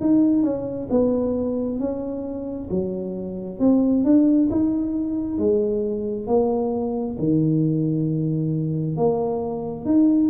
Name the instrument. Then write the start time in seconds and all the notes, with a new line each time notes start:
tuba
0.00 D#4
0.43 C#4
0.90 B3
1.79 C#4
2.70 F#3
3.59 C4
4.04 D4
4.51 D#4
5.38 G#3
6.27 A#3
7.18 D#3
8.96 A#3
9.85 D#4